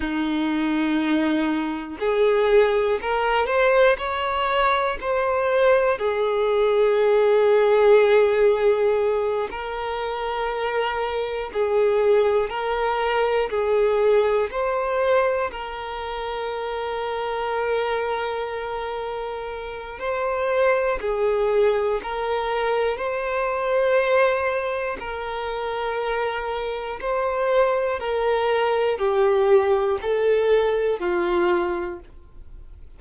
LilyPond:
\new Staff \with { instrumentName = "violin" } { \time 4/4 \tempo 4 = 60 dis'2 gis'4 ais'8 c''8 | cis''4 c''4 gis'2~ | gis'4. ais'2 gis'8~ | gis'8 ais'4 gis'4 c''4 ais'8~ |
ais'1 | c''4 gis'4 ais'4 c''4~ | c''4 ais'2 c''4 | ais'4 g'4 a'4 f'4 | }